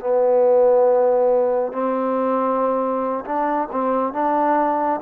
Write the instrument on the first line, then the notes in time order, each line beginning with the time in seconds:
trombone
0.00 B3
1.72 C4
3.25 D4
3.72 C4
4.13 D4